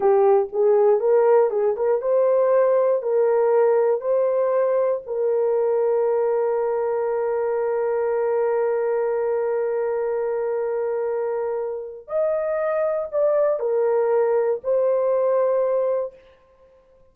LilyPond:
\new Staff \with { instrumentName = "horn" } { \time 4/4 \tempo 4 = 119 g'4 gis'4 ais'4 gis'8 ais'8 | c''2 ais'2 | c''2 ais'2~ | ais'1~ |
ais'1~ | ais'1 | dis''2 d''4 ais'4~ | ais'4 c''2. | }